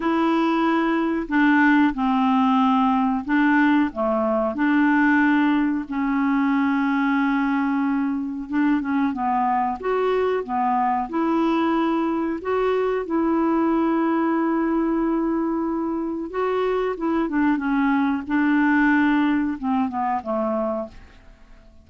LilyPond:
\new Staff \with { instrumentName = "clarinet" } { \time 4/4 \tempo 4 = 92 e'2 d'4 c'4~ | c'4 d'4 a4 d'4~ | d'4 cis'2.~ | cis'4 d'8 cis'8 b4 fis'4 |
b4 e'2 fis'4 | e'1~ | e'4 fis'4 e'8 d'8 cis'4 | d'2 c'8 b8 a4 | }